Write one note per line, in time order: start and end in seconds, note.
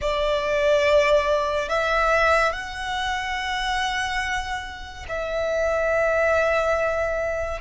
0.01 1.69 D5
1.69 2.52 E5
2.52 5.06 F#5
5.08 7.61 E5